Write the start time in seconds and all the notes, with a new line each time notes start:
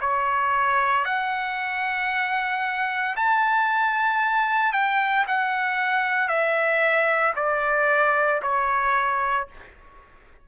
0.00 C#5
1.04 F#5
3.16 A5
4.72 G5
5.27 F#5
6.28 E5
7.35 D5
8.42 C#5